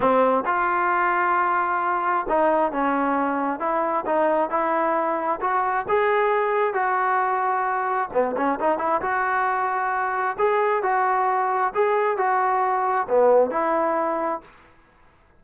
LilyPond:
\new Staff \with { instrumentName = "trombone" } { \time 4/4 \tempo 4 = 133 c'4 f'2.~ | f'4 dis'4 cis'2 | e'4 dis'4 e'2 | fis'4 gis'2 fis'4~ |
fis'2 b8 cis'8 dis'8 e'8 | fis'2. gis'4 | fis'2 gis'4 fis'4~ | fis'4 b4 e'2 | }